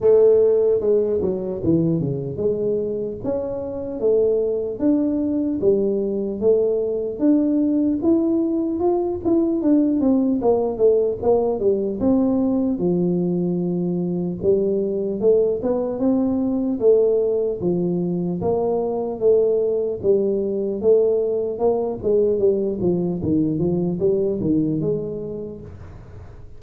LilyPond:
\new Staff \with { instrumentName = "tuba" } { \time 4/4 \tempo 4 = 75 a4 gis8 fis8 e8 cis8 gis4 | cis'4 a4 d'4 g4 | a4 d'4 e'4 f'8 e'8 | d'8 c'8 ais8 a8 ais8 g8 c'4 |
f2 g4 a8 b8 | c'4 a4 f4 ais4 | a4 g4 a4 ais8 gis8 | g8 f8 dis8 f8 g8 dis8 gis4 | }